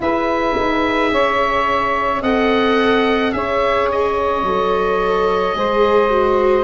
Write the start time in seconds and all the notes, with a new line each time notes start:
0.00 E4 G#4 B4 E5
0.56 D#4
1.11 C#4 C#5
2.21 C4 A4 D#5 F#5
3.32 C#4 G#4 C#5 E5
3.91 D#5
4.43 F#3 A4
5.55 G#3 G#4 C5
6.09 F#4